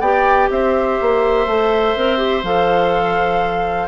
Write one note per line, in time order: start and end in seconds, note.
0.00 0.49 B3
0.00 1.48 G4
0.00 0.48 D5
0.00 0.49 G5
0.50 0.98 C4
0.50 3.88 C5
0.50 2.44 E5
1.01 1.46 A#3
1.46 1.95 A3
1.46 1.96 A4
1.96 2.43 C4
1.96 2.17 A#4
2.17 2.41 G4
2.43 3.88 F3
2.43 3.88 A4
2.43 3.88 F5